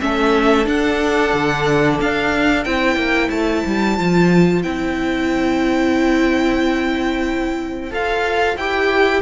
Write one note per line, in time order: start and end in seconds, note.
0.00 0.66 A3
0.00 0.65 C#4
0.00 2.66 A4
0.00 0.67 E5
0.65 2.63 D4
0.65 1.32 D4
0.65 1.99 F#5
1.33 1.99 D3
2.01 2.66 D4
2.01 2.64 F5
2.64 2.96 C4
2.64 3.98 E4
2.64 9.22 C5
2.64 3.30 G5
2.96 3.29 A#3
3.30 3.63 A3
3.30 4.62 A5
3.66 3.99 G3
3.98 4.64 F3
3.98 4.64 F4
4.63 7.91 C4
4.63 7.91 E4
4.63 7.92 G5
7.91 8.57 F4
7.91 8.57 A4
7.91 8.57 F5
8.57 9.22 E4
8.57 9.22 G4
8.57 9.22 G5